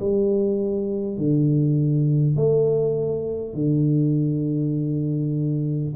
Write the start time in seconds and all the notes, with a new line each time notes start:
0.00 G3
1.17 D3
2.36 A3
3.54 D3